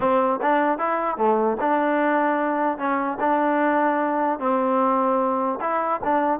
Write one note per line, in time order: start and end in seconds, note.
0.00 0.40 C4
0.42 0.78 D4
0.78 1.17 E4
1.17 1.57 A3
1.60 2.78 D4
2.78 3.18 C#4
3.19 4.39 D4
4.39 5.59 C4
5.60 6.00 E4
6.03 6.39 D4